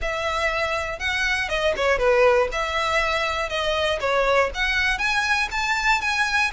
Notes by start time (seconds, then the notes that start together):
0.01 E5
0.99 F#5
1.48 D#5
1.76 C#5
1.98 B4
2.51 E5
3.49 D#5
4.00 C#5
4.54 F#5
4.98 G#5
5.51 A5
6.01 G#5